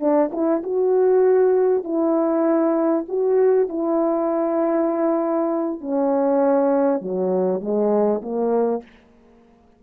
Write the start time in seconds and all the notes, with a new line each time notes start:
0.00 D4
0.32 E4
0.63 F#4
1.84 E4
3.09 F#4
3.69 E4
5.81 C#4
7.01 F#3
7.61 G#3
8.22 A#3